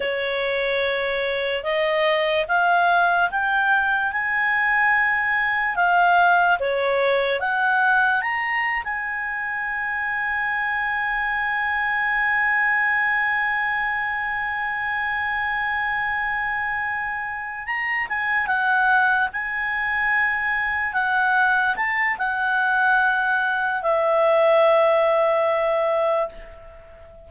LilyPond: \new Staff \with { instrumentName = "clarinet" } { \time 4/4 \tempo 4 = 73 cis''2 dis''4 f''4 | g''4 gis''2 f''4 | cis''4 fis''4 ais''8. gis''4~ gis''16~ | gis''1~ |
gis''1~ | gis''4. ais''8 gis''8 fis''4 gis''8~ | gis''4. fis''4 a''8 fis''4~ | fis''4 e''2. | }